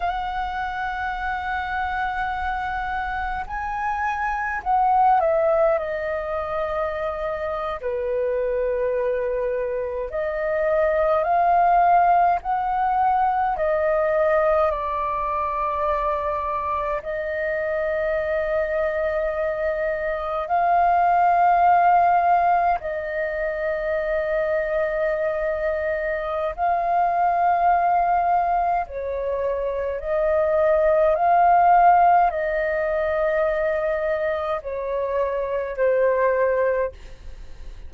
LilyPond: \new Staff \with { instrumentName = "flute" } { \time 4/4 \tempo 4 = 52 fis''2. gis''4 | fis''8 e''8 dis''4.~ dis''16 b'4~ b'16~ | b'8. dis''4 f''4 fis''4 dis''16~ | dis''8. d''2 dis''4~ dis''16~ |
dis''4.~ dis''16 f''2 dis''16~ | dis''2. f''4~ | f''4 cis''4 dis''4 f''4 | dis''2 cis''4 c''4 | }